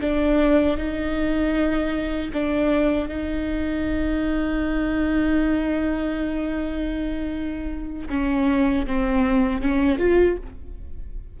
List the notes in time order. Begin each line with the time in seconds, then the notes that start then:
0.00 D4
0.77 D#4
2.33 D4
3.08 D#4
8.09 C#4
8.86 C4
9.61 C#4
9.98 F4